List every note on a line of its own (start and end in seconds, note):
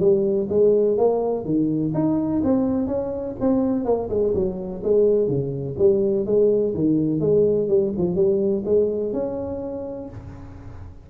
0.00 0.48 G3
0.50 0.98 G#3
0.98 1.45 A#3
1.45 1.93 D#3
1.94 2.42 D#4
2.44 2.87 C4
2.87 3.35 C#4
3.40 3.85 C4
3.85 4.09 A#3
4.10 4.34 G#3
4.34 4.82 F#3
4.83 5.28 G#3
5.28 5.76 C#3
5.78 6.26 G3
6.26 6.74 G#3
6.74 7.20 D#3
7.20 7.68 G#3
7.68 7.92 G3
7.98 8.15 F3
8.15 8.63 G3
8.65 9.13 G#3
9.13 10.09 C#4